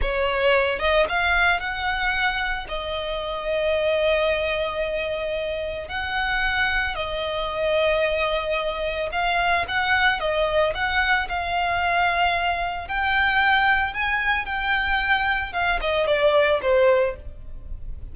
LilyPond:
\new Staff \with { instrumentName = "violin" } { \time 4/4 \tempo 4 = 112 cis''4. dis''8 f''4 fis''4~ | fis''4 dis''2.~ | dis''2. fis''4~ | fis''4 dis''2.~ |
dis''4 f''4 fis''4 dis''4 | fis''4 f''2. | g''2 gis''4 g''4~ | g''4 f''8 dis''8 d''4 c''4 | }